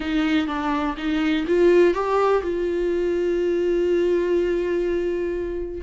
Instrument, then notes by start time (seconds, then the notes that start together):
viola
0.00 D#4
0.47 D4
0.97 D#4
1.47 F4
1.94 G4
2.42 F4